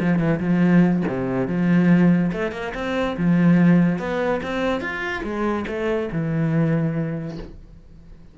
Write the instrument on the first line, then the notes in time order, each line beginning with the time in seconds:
cello
0.00 F3
0.19 E3
0.40 F3
1.08 C3
1.48 F3
2.32 A3
2.52 A#3
2.74 C4
3.17 F3
3.99 B3
4.43 C4
4.81 F4
5.23 G#3
5.67 A3
6.12 E3